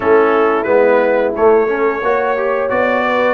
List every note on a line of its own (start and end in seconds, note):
0.00 0.65 A3
0.00 0.65 C#4
0.00 1.68 E4
0.00 0.63 A4
0.63 1.33 G#3
0.63 1.33 B3
0.63 1.31 B4
1.36 1.67 A3
1.36 2.02 A3
1.36 2.69 C#5
1.67 2.01 C#4
1.67 2.02 A4
2.02 2.70 A#3
2.02 2.37 F#4
2.02 3.04 C#5
2.37 2.69 G4
2.69 3.34 B3
2.69 3.34 F#4
2.69 3.34 D5
3.05 3.34 B4